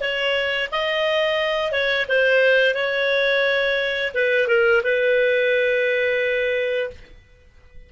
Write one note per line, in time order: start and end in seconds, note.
0.00 0.69 C#5
0.71 1.71 D#5
1.71 2.06 C#5
2.08 2.74 C5
2.74 4.12 C#5
4.14 4.47 B4
4.47 4.82 A#4
4.83 6.90 B4